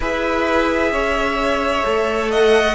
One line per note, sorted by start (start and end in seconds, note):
0.00 0.91 E4
0.00 1.84 G#4
0.00 0.92 B4
0.00 2.31 E5
0.91 1.84 C#4
0.91 2.30 C#5
1.84 2.75 A3
1.84 2.75 A4
2.31 2.75 D#5
2.31 2.75 F#5